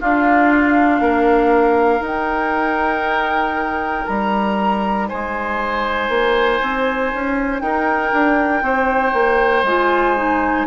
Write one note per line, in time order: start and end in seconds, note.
0.00 1.99 D4
0.00 1.00 D4
0.00 1.01 F4
0.00 2.04 F5
1.00 2.00 A#3
1.00 5.08 A#4
1.99 9.62 D#4
1.99 4.03 D#4
2.06 4.06 G5
4.06 5.10 G3
4.06 5.07 A#5
5.08 6.08 G#3
5.08 7.62 C5
5.08 7.60 G#5
6.08 6.59 A#3
6.61 7.12 C4
7.13 7.61 C#4
7.60 8.12 D#4
7.60 8.63 A#4
7.60 9.63 G5
8.12 8.61 D4
8.61 9.12 C4
8.61 10.66 C5
9.13 9.63 A#3
9.63 10.64 G#3
9.63 10.16 F4
9.63 10.66 G#5
10.16 10.66 D#4